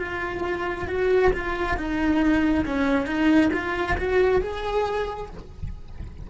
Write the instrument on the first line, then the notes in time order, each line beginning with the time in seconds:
cello
0.00 F4
0.88 F#4
1.34 F4
1.77 D#4
2.66 C#4
3.06 D#4
3.53 F4
3.98 F#4
4.42 G#4